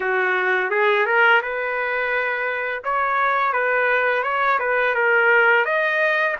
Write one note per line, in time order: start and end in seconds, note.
0.00 0.70 F#4
0.70 1.06 G#4
1.06 1.41 A#4
1.41 2.83 B4
2.84 3.53 C#5
3.53 4.23 B4
4.23 4.58 C#5
4.59 4.94 B4
4.94 5.65 A#4
5.65 6.35 D#5